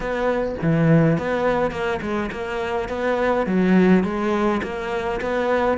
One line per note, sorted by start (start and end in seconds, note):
0.00 0.55 B3
0.62 1.18 E3
1.18 1.71 B3
1.71 2.00 A#3
2.01 2.30 G#3
2.31 2.88 A#3
2.88 3.46 B3
3.46 4.03 F#3
4.03 4.61 G#3
4.62 5.20 A#3
5.20 5.77 B3